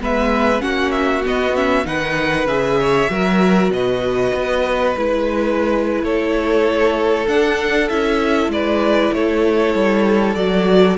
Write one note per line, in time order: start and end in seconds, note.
0.00 0.63 G#3
0.00 0.60 B3
0.00 0.63 B4
0.00 0.61 E5
0.60 1.25 A#3
0.60 1.22 C#4
0.60 1.86 F#4
0.60 0.91 F#5
0.91 1.22 E5
1.23 1.54 B3
1.23 1.86 B3
1.23 1.56 D#5
1.55 1.84 C#4
1.55 1.86 E5
1.84 2.45 D#3
1.84 2.46 D#4
1.84 2.79 B4
1.84 2.47 F#5
2.45 3.07 C#3
2.45 3.10 G#4
2.45 3.71 E5
2.80 3.11 C#5
3.10 3.70 F#3
3.10 4.95 F#4
3.10 3.73 A#4
3.70 4.32 B2
3.70 6.04 B4
3.70 4.96 D#5
4.34 4.96 B3
4.97 6.03 G#3
4.97 7.28 E4
4.97 6.05 B4
6.03 7.27 A3
6.03 8.52 A4
6.03 7.28 C#5
7.28 7.89 D4
7.28 7.90 D4
7.28 7.89 F#5
7.89 8.48 C#4
7.89 10.36 E4
7.89 8.51 E5
8.48 9.10 G#3
8.48 9.15 B4
8.48 9.13 D5
9.13 9.74 A3
9.13 10.98 A4
9.13 10.35 C#5
9.74 10.35 G3
10.35 10.97 F#3
10.35 10.98 F#4
10.35 10.97 D5